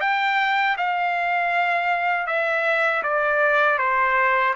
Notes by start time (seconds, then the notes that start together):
0.00 G5
0.77 F5
2.26 E5
3.03 D5
3.78 C5